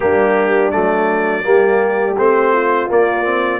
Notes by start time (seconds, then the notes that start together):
0.00 G3 A#3 D4 G4
0.71 F#3 A3 D5
1.43 G3 A#3 G4
2.17 A3 C4 C5
2.52 F4
2.88 A#3 D5
3.23 C4